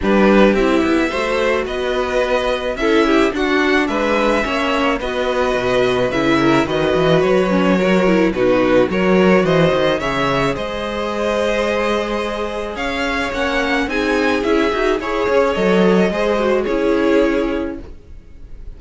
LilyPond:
<<
  \new Staff \with { instrumentName = "violin" } { \time 4/4 \tempo 4 = 108 b'4 e''2 dis''4~ | dis''4 e''4 fis''4 e''4~ | e''4 dis''2 e''4 | dis''4 cis''2 b'4 |
cis''4 dis''4 e''4 dis''4~ | dis''2. f''4 | fis''4 gis''4 e''4 cis''4 | dis''2 cis''2 | }
  \new Staff \with { instrumentName = "violin" } { \time 4/4 g'2 c''4 b'4~ | b'4 a'8 g'8 fis'4 b'4 | cis''4 b'2~ b'8 ais'8 | b'2 ais'4 fis'4 |
ais'4 c''4 cis''4 c''4~ | c''2. cis''4~ | cis''4 gis'2 cis''4~ | cis''4 c''4 gis'2 | }
  \new Staff \with { instrumentName = "viola" } { \time 4/4 d'4 e'4 fis'2~ | fis'4 e'4 d'2 | cis'4 fis'2 e'4 | fis'4. cis'8 fis'8 e'8 dis'4 |
fis'2 gis'2~ | gis'1 | cis'4 dis'4 e'8 fis'8 gis'4 | a'4 gis'8 fis'8 e'2 | }
  \new Staff \with { instrumentName = "cello" } { \time 4/4 g4 c'8 b8 a4 b4~ | b4 cis'4 d'4 gis4 | ais4 b4 b,4 cis4 | dis8 e8 fis2 b,4 |
fis4 e8 dis8 cis4 gis4~ | gis2. cis'4 | ais4 c'4 cis'8 dis'8 e'8 cis'8 | fis4 gis4 cis'2 | }
>>